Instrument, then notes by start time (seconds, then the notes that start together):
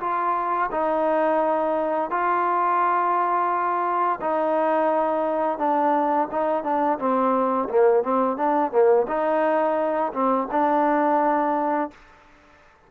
trombone
0.00 F4
0.71 D#4
2.10 F4
4.21 D#4
5.58 D4
6.31 D#4
6.64 D4
6.99 C4
7.69 A#3
8.03 C4
8.37 D4
8.71 A#3
9.08 D#4
10.13 C4
10.51 D4